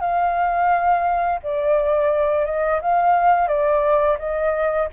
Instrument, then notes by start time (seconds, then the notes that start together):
flute
0.00 F5
1.43 D5
2.45 D#5
2.81 F5
3.48 D5
4.19 D#5